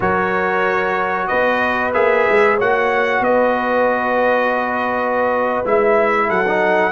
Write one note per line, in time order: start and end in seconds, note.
0.00 1.29 F#3
0.00 1.93 F#4
0.00 1.28 A#4
0.00 1.27 C#5
1.27 1.95 B3
1.27 2.56 B4
1.27 1.91 D#5
1.93 2.27 A#3
1.93 2.58 G#4
1.93 2.58 E5
2.29 2.61 G#3
2.56 3.20 A#3
2.56 5.64 F#4
2.56 3.21 C#5
2.56 3.23 F#5
3.20 5.62 B3
3.20 6.28 B4
3.20 5.65 D#5
5.64 6.29 G#3
5.64 6.45 E4
5.64 6.30 E5
6.28 6.92 F#3
6.28 6.92 A4
6.28 6.92 F#5
6.47 6.92 D#4